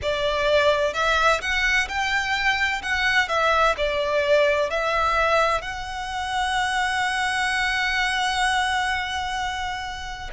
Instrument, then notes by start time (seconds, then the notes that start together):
violin
0.02 D5
0.93 E5
1.41 F#5
1.88 G5
2.82 F#5
3.28 E5
3.77 D5
4.70 E5
5.61 F#5